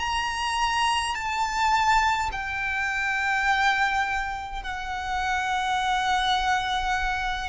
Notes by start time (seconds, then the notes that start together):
0.00 A#5
1.15 A5
2.32 G5
4.63 F#5